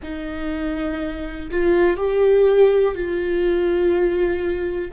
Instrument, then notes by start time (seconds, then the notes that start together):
viola
0.03 D#4
1.50 F4
1.97 G4
2.95 F4